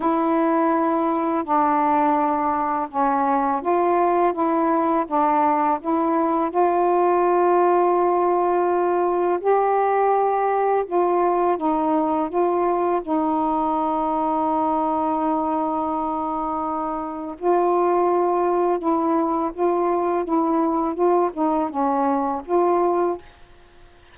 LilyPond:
\new Staff \with { instrumentName = "saxophone" } { \time 4/4 \tempo 4 = 83 e'2 d'2 | cis'4 f'4 e'4 d'4 | e'4 f'2.~ | f'4 g'2 f'4 |
dis'4 f'4 dis'2~ | dis'1 | f'2 e'4 f'4 | e'4 f'8 dis'8 cis'4 f'4 | }